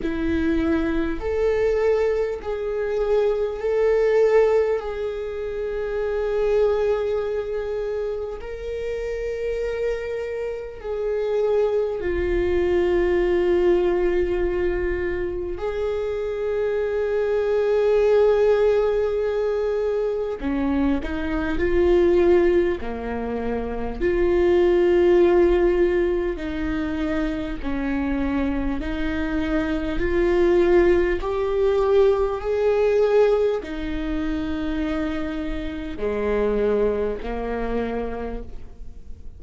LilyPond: \new Staff \with { instrumentName = "viola" } { \time 4/4 \tempo 4 = 50 e'4 a'4 gis'4 a'4 | gis'2. ais'4~ | ais'4 gis'4 f'2~ | f'4 gis'2.~ |
gis'4 cis'8 dis'8 f'4 ais4 | f'2 dis'4 cis'4 | dis'4 f'4 g'4 gis'4 | dis'2 gis4 ais4 | }